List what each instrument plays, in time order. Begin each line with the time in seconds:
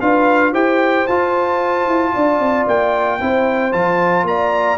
0.00 tuba D4, trombone F4, horn B4, trumpet F5
0.52 tuba E4, trombone G4, horn C5, trumpet G5
1.07 tuba F4, trombone F4, trumpet A5
1.86 tuba E4
2.13 tuba D4, horn D5
2.39 tuba C4
2.67 tuba A#3, trumpet G5
3.20 tuba C4, trombone E4, horn C5
3.72 tuba F3, trombone F4, trumpet A5
4.24 tuba A#3, horn D5, trumpet A#5